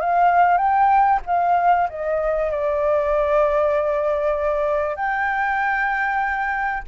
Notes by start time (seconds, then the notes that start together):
0.00 F5
0.57 G5
1.26 F5
1.89 D#5
2.51 D5
4.96 G5